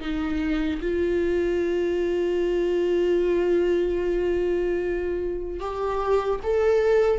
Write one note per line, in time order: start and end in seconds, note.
0.00 0.80 D#4
0.81 5.60 F4
5.60 6.40 G4
6.43 7.19 A4